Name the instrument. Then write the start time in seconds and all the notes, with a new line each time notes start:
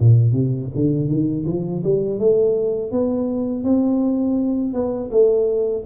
tuba
0.00 A#2
0.33 C3
0.75 D3
1.08 D#3
1.46 F3
1.84 G3
2.20 A3
2.92 B3
3.64 C4
4.74 B3
5.12 A3